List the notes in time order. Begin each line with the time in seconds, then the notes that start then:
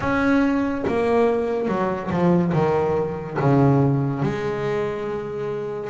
0.00 C#4
0.87 A#3
1.67 F#3
2.10 F3
2.53 D#3
3.39 C#3
4.22 G#3